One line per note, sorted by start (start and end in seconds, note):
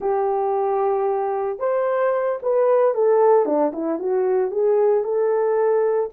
0.00 1.59 G4
1.59 2.39 C5
2.42 2.94 B4
2.94 3.45 A4
3.45 3.72 D4
3.73 3.99 E4
3.99 4.51 F#4
4.51 5.03 G#4
5.03 6.10 A4